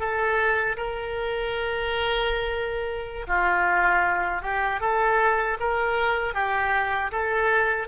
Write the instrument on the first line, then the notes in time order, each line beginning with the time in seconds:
oboe
0.00 A4
0.78 A#4
3.28 F4
4.43 G4
4.81 A4
5.60 A#4
6.35 G4
7.12 A4